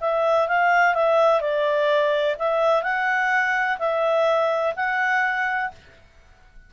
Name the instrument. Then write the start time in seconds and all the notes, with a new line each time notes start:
clarinet
0.00 E5
0.48 F5
0.94 E5
1.40 D5
2.39 E5
2.82 F#5
3.78 E5
4.76 F#5